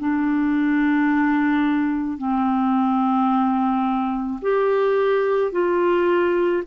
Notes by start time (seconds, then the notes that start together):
0.00 D4
2.18 C4
4.42 G4
5.53 F4